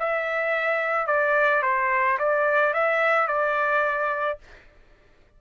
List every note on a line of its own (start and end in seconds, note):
0.00 1.07 E5
1.07 1.63 D5
1.63 2.18 C5
2.19 2.74 D5
2.74 3.28 E5
3.28 4.39 D5